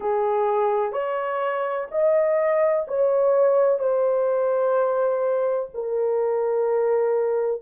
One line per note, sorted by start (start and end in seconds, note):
0.00 0.92 G#4
0.92 1.87 C#5
1.91 2.86 D#5
2.87 3.79 C#5
3.79 5.69 C5
5.74 7.61 A#4